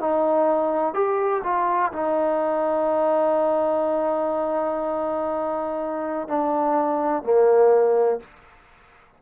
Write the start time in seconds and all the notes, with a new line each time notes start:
0.00 D#4
0.94 G4
1.44 F4
1.92 D#4
6.28 D4
7.24 A#3